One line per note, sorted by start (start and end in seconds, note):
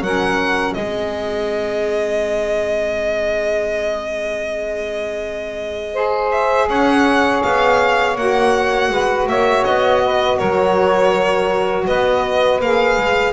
0.00 0.74 F#3
0.00 0.77 C#4
0.00 0.75 A#4
0.00 0.74 F#5
0.74 6.68 G#3
0.74 5.94 C4
0.74 5.93 G#4
0.74 6.29 D#5
5.93 8.16 G#4
5.93 6.67 C5
6.31 6.68 E5
6.68 7.42 C#4
6.68 8.90 C#5
6.68 7.42 F#5
7.42 8.16 B3
7.42 8.16 F5
8.16 8.90 A#3
8.16 12.61 F#4
8.16 9.28 F#5
8.90 9.27 G#3
8.90 9.28 B4
9.27 9.64 A#3
9.27 10.02 C#5
9.27 9.64 E5
9.64 10.41 B3
9.64 10.38 D#5
10.04 10.37 B4
10.37 11.87 F#3
10.37 11.85 A#4
10.37 11.86 C#5
11.85 12.60 B3
11.85 13.33 B4
11.85 12.60 D#5
12.60 12.97 A#3
12.60 13.33 G#4
12.60 13.33 F5
12.97 13.33 G#3